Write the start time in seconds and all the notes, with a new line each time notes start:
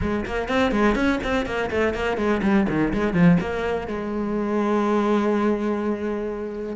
0.01 G#3
0.25 A#3
0.48 C4
0.71 G#3
0.95 C#4
1.23 C4
1.46 A#3
1.70 A3
1.94 A#3
2.17 G#3
2.42 G3
2.68 D#3
2.93 G#3
3.13 F3
3.40 A#3
3.87 G#3